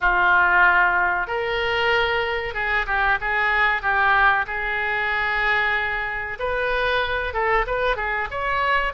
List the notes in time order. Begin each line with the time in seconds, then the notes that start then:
0.00 F4
1.27 A#4
2.54 G#4
2.86 G4
3.20 G#4
3.82 G4
4.47 G#4
6.39 B4
7.33 A4
7.67 B4
7.96 G#4
8.30 C#5